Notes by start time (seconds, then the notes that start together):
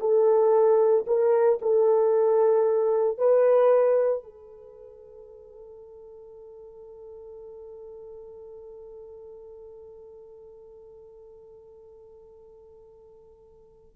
0.00 A4
1.07 A#4
1.61 A4
3.18 B4
4.23 A4